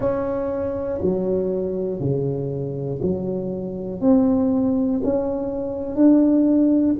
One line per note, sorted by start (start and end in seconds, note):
0.00 1.00 C#4
1.01 2.00 F#3
2.00 3.00 C#3
3.01 4.00 F#3
4.00 5.00 C4
5.03 5.95 C#4
5.95 6.95 D4